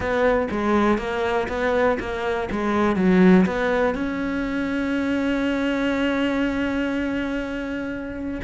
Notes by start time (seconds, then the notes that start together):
0.00 B3
0.50 G#3
0.98 A#3
1.48 B3
1.99 A#3
2.50 G#3
2.95 F#3
3.46 B3
3.94 C#4